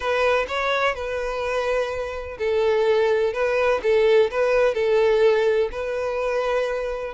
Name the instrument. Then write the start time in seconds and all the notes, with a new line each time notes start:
violin
0.00 B4
0.48 C#5
0.94 B4
2.38 A4
3.33 B4
3.82 A4
4.30 B4
4.74 A4
5.71 B4